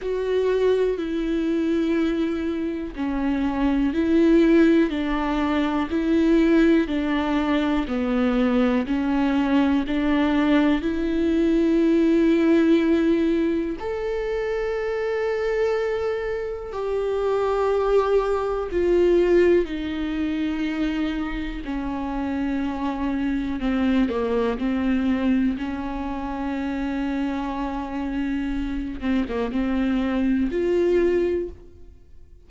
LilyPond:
\new Staff \with { instrumentName = "viola" } { \time 4/4 \tempo 4 = 61 fis'4 e'2 cis'4 | e'4 d'4 e'4 d'4 | b4 cis'4 d'4 e'4~ | e'2 a'2~ |
a'4 g'2 f'4 | dis'2 cis'2 | c'8 ais8 c'4 cis'2~ | cis'4. c'16 ais16 c'4 f'4 | }